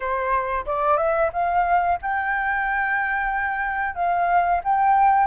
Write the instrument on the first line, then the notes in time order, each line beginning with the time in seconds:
flute
0.00 C5
0.66 D5
0.97 E5
1.32 F5
2.01 G5
3.95 F5
4.63 G5